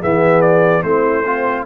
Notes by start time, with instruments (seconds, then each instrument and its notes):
0.00 tuba E3, trombone B3, horn G#4, trumpet E5
0.42 trumpet D5
0.83 tuba A3, trombone C4, horn E4, trumpet C5
1.24 horn C4, trombone F4